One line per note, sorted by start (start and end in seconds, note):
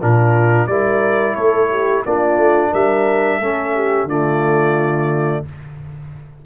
0.00 0.67 A#2
0.00 0.69 D4
0.00 0.68 F4
0.00 0.66 A#4
0.66 1.35 G3
0.66 2.06 E4
0.66 1.35 A#4
0.66 1.35 D5
1.35 2.04 A3
1.35 1.69 A4
1.35 2.03 C#5
1.70 2.04 G4
2.05 2.37 A#3
2.05 3.41 D4
2.05 2.70 F4
2.05 2.73 D5
2.37 2.71 A3
2.70 3.39 G3
2.70 3.38 A#4
2.70 4.09 E5
3.38 4.04 A3
3.38 4.09 C#4
3.38 3.72 A4
3.74 4.07 G4
4.04 5.41 D3
4.04 5.45 A3
4.04 5.43 F4
4.04 5.45 D5